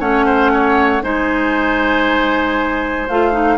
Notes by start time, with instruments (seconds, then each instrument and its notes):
0.00 bassoon A3, clarinet C#4, oboe C#5, flute F#5
0.26 oboe C5
0.54 oboe C#5
1.02 bassoon G#3, clarinet D#4, oboe C5, flute G#5
3.09 bassoon A3, clarinet F4, flute F5
3.32 clarinet D#4